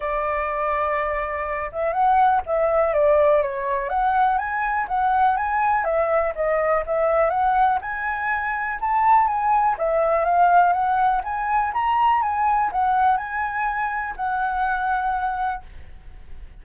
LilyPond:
\new Staff \with { instrumentName = "flute" } { \time 4/4 \tempo 4 = 123 d''2.~ d''8 e''8 | fis''4 e''4 d''4 cis''4 | fis''4 gis''4 fis''4 gis''4 | e''4 dis''4 e''4 fis''4 |
gis''2 a''4 gis''4 | e''4 f''4 fis''4 gis''4 | ais''4 gis''4 fis''4 gis''4~ | gis''4 fis''2. | }